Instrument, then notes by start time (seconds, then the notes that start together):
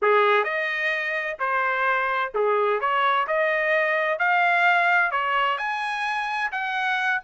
trumpet
0.01 G#4
0.43 D#5
1.39 C5
2.34 G#4
2.80 C#5
3.27 D#5
4.18 F5
5.11 C#5
5.58 G#5
6.51 F#5